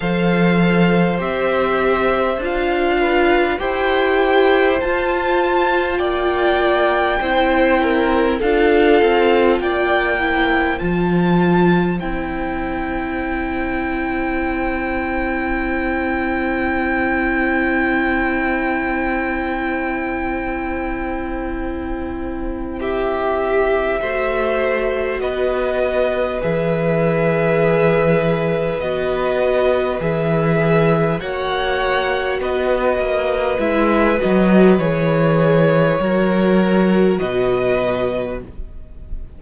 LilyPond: <<
  \new Staff \with { instrumentName = "violin" } { \time 4/4 \tempo 4 = 50 f''4 e''4 f''4 g''4 | a''4 g''2 f''4 | g''4 a''4 g''2~ | g''1~ |
g''2. e''4~ | e''4 dis''4 e''2 | dis''4 e''4 fis''4 dis''4 | e''8 dis''8 cis''2 dis''4 | }
  \new Staff \with { instrumentName = "violin" } { \time 4/4 c''2~ c''8 b'8 c''4~ | c''4 d''4 c''8 ais'8 a'4 | d''8 c''2.~ c''8~ | c''1~ |
c''2. g'4 | c''4 b'2.~ | b'2 cis''4 b'4~ | b'2 ais'4 b'4 | }
  \new Staff \with { instrumentName = "viola" } { \time 4/4 a'4 g'4 f'4 g'4 | f'2 e'4 f'4~ | f'8 e'8 f'4 e'2~ | e'1~ |
e'1 | fis'2 gis'2 | fis'4 gis'4 fis'2 | e'8 fis'8 gis'4 fis'2 | }
  \new Staff \with { instrumentName = "cello" } { \time 4/4 f4 c'4 d'4 e'4 | f'4 ais4 c'4 d'8 c'8 | ais4 f4 c'2~ | c'1~ |
c'1 | a4 b4 e2 | b4 e4 ais4 b8 ais8 | gis8 fis8 e4 fis4 b,4 | }
>>